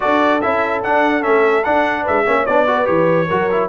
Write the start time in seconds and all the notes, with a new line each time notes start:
0.00 D4 F#4 A4 D5
0.41 C#4 E4 E5
0.83 D4 F#5
1.22 A3 C#4 E5
1.64 D4 F#5
2.02 G#3 B4 E5
2.25 A#3 C#4 C#5
2.46 B3 D4 D5
2.67 F#4 B4
2.85 E3 G4 C#5
3.27 F#3 F#4 A#4
3.51 E4